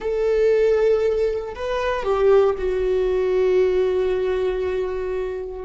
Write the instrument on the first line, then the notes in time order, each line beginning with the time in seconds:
viola
0.00 A4
1.55 B4
2.03 G4
2.58 F#4